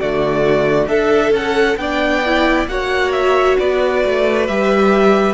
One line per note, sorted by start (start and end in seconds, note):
0.00 0.88 D3
0.00 0.88 A3
0.00 0.89 F#4
0.00 0.88 D5
0.88 1.31 D4
0.88 1.78 A4
0.88 1.79 A4
0.88 1.33 E5
1.31 1.76 C#4
1.31 1.77 F#5
1.77 2.67 B3
1.77 2.24 D4
1.77 2.70 D5
1.77 2.67 G5
2.26 2.69 E4
2.68 3.57 A#3
2.68 4.48 F#4
2.68 3.59 C#5
2.68 3.12 F#5
3.12 3.57 E5
3.59 4.05 B3
3.59 5.35 B4
3.59 4.47 D5
4.05 4.49 A3
4.47 5.35 G3
4.47 5.35 G4
4.47 5.35 E5